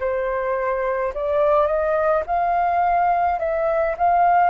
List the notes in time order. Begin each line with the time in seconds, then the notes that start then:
0.00 C5
1.14 D5
1.67 D#5
2.26 F5
3.39 E5
3.98 F5